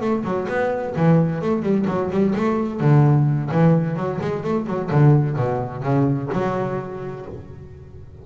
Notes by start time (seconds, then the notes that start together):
0.00 A3
0.23 F#3
0.48 B3
0.96 E3
1.41 A3
1.62 G3
1.87 F#3
2.11 G3
2.35 A3
2.80 D3
3.51 E3
3.96 F#3
4.20 G#3
4.43 A3
4.66 F#3
4.91 D3
5.36 B2
5.82 C#3
6.32 F#3